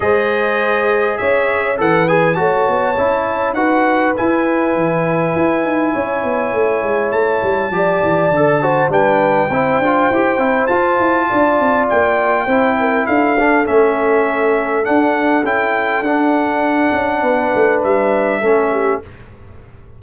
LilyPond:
<<
  \new Staff \with { instrumentName = "trumpet" } { \time 4/4 \tempo 4 = 101 dis''2 e''4 fis''8 gis''8 | a''2 fis''4 gis''4~ | gis''1 | a''2. g''4~ |
g''2 a''2 | g''2 f''4 e''4~ | e''4 fis''4 g''4 fis''4~ | fis''2 e''2 | }
  \new Staff \with { instrumentName = "horn" } { \time 4/4 c''2 cis''4 b'4 | cis''2 b'2~ | b'2 cis''2~ | cis''4 d''4. c''8 b'4 |
c''2. d''4~ | d''4 c''8 ais'8 a'2~ | a'1~ | a'4 b'2 a'8 g'8 | }
  \new Staff \with { instrumentName = "trombone" } { \time 4/4 gis'2. a'8 gis'8 | fis'4 e'4 fis'4 e'4~ | e'1~ | e'4 g'4 a'8 fis'8 d'4 |
e'8 f'8 g'8 e'8 f'2~ | f'4 e'4. d'8 cis'4~ | cis'4 d'4 e'4 d'4~ | d'2. cis'4 | }
  \new Staff \with { instrumentName = "tuba" } { \time 4/4 gis2 cis'4 e4 | a8 b8 cis'4 dis'4 e'4 | e4 e'8 dis'8 cis'8 b8 a8 gis8 | a8 g8 f8 e8 d4 g4 |
c'8 d'8 e'8 c'8 f'8 e'8 d'8 c'8 | ais4 c'4 d'4 a4~ | a4 d'4 cis'4 d'4~ | d'8 cis'8 b8 a8 g4 a4 | }
>>